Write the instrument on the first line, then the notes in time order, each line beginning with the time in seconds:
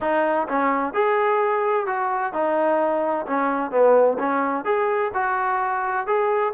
trombone
0.01 D#4
0.48 C#4
0.93 G#4
1.86 F#4
2.33 D#4
3.26 C#4
3.71 B3
4.18 C#4
4.64 G#4
5.14 F#4
6.06 G#4